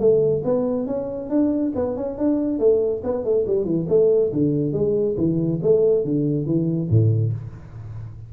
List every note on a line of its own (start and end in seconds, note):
0.00 0.43 A3
0.45 0.87 B3
0.87 1.30 C#4
1.30 1.73 D4
1.76 1.97 B3
1.97 2.18 C#4
2.18 2.59 D4
2.59 3.02 A3
3.04 3.25 B3
3.25 3.46 A3
3.47 3.65 G3
3.65 3.87 E3
3.89 4.32 A3
4.33 4.73 D3
4.73 5.16 G#3
5.18 5.61 E3
5.63 6.05 A3
6.05 6.46 D3
6.46 6.89 E3
6.91 7.33 A2